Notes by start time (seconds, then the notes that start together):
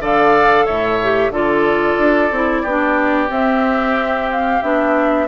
0.00 D3 A4 D5 F5
0.65 A2 C#5 E5
1.02 G4
1.30 D3 F4 A4 D5
1.98 D4
2.31 C4 E4
2.62 B3 D4 G4
3.28 C4 E5
4.31 F5
4.62 B3 D4 E5